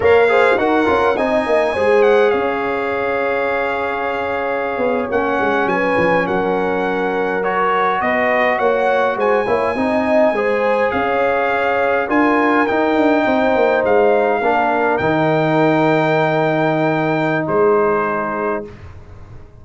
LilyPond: <<
  \new Staff \with { instrumentName = "trumpet" } { \time 4/4 \tempo 4 = 103 f''4 fis''4 gis''4. fis''8 | f''1~ | f''8. fis''4 gis''4 fis''4~ fis''16~ | fis''8. cis''4 dis''4 fis''4 gis''16~ |
gis''2~ gis''8. f''4~ f''16~ | f''8. gis''4 g''2 f''16~ | f''4.~ f''16 g''2~ g''16~ | g''2 c''2 | }
  \new Staff \with { instrumentName = "horn" } { \time 4/4 cis''8 c''8 ais'4 dis''4 c''4 | cis''1~ | cis''4.~ cis''16 b'4 ais'4~ ais'16~ | ais'4.~ ais'16 b'4 cis''4 c''16~ |
c''16 cis''8 dis''4 c''4 cis''4~ cis''16~ | cis''8. ais'2 c''4~ c''16~ | c''8. ais'2.~ ais'16~ | ais'2 gis'2 | }
  \new Staff \with { instrumentName = "trombone" } { \time 4/4 ais'8 gis'8 fis'8 f'8 dis'4 gis'4~ | gis'1~ | gis'8. cis'2.~ cis'16~ | cis'8. fis'2.~ fis'16~ |
fis'16 e'8 dis'4 gis'2~ gis'16~ | gis'8. f'4 dis'2~ dis'16~ | dis'8. d'4 dis'2~ dis'16~ | dis'1 | }
  \new Staff \with { instrumentName = "tuba" } { \time 4/4 ais4 dis'8 cis'8 c'8 ais8 gis4 | cis'1~ | cis'16 b8 ais8 gis8 fis8 f8 fis4~ fis16~ | fis4.~ fis16 b4 ais4 gis16~ |
gis16 ais8 c'4 gis4 cis'4~ cis'16~ | cis'8. d'4 dis'8 d'8 c'8 ais8 gis16~ | gis8. ais4 dis2~ dis16~ | dis2 gis2 | }
>>